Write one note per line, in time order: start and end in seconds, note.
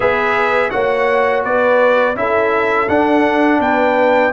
0.00 0.72 B3
0.00 0.70 G#4
0.00 0.71 B4
0.00 0.70 E5
0.70 1.45 A#3
0.70 2.15 F#4
0.70 1.44 C#5
0.70 1.42 F#5
1.44 2.15 B3
1.44 2.16 B4
1.44 2.16 D5
2.15 2.88 C#4
2.15 2.87 E4
2.15 3.60 A4
2.15 2.88 E5
2.88 3.59 D4
2.88 4.33 D4
2.88 3.61 F#5
3.59 4.31 B3
3.59 4.32 B4
3.59 4.33 G5